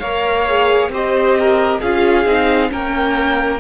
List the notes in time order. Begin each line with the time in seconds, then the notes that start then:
0.00 A#3 A#4 C#5 F5
0.47 G#4
0.89 C4 G4 C5 D#5
1.40 A#4
1.81 C#4 F4 G#4 F5
2.26 C4 D#4
2.69 A#3 C#4 A#4 G5